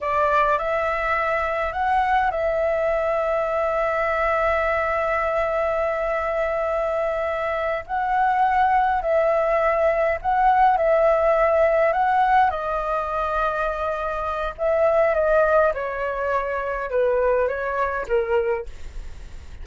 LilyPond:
\new Staff \with { instrumentName = "flute" } { \time 4/4 \tempo 4 = 103 d''4 e''2 fis''4 | e''1~ | e''1~ | e''4. fis''2 e''8~ |
e''4. fis''4 e''4.~ | e''8 fis''4 dis''2~ dis''8~ | dis''4 e''4 dis''4 cis''4~ | cis''4 b'4 cis''4 ais'4 | }